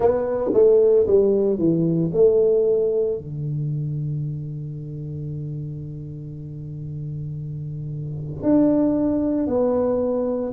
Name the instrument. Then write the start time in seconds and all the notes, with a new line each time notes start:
tuba
0.00 B3
0.53 A3
1.06 G3
1.58 E3
2.13 A3
3.18 D3
8.42 D4
9.47 B3